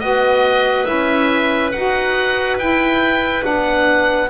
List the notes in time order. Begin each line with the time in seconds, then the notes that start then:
0.00 B3 F#4 B4 D#5
0.85 C#4 E4 E5
1.72 D#4 F#4 F#5
2.58 E4 G5
3.42 B3 D4 F#5